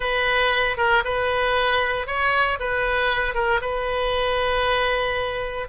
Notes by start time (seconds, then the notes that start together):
0.00 B4
0.77 A#4
1.04 B4
2.06 C#5
2.59 B4
3.34 A#4
3.61 B4